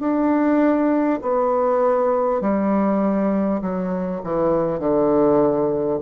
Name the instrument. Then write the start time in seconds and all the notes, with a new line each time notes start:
bassoon
0.00 D4
1.22 B3
2.41 G3
3.62 F#3
4.24 E3
4.79 D3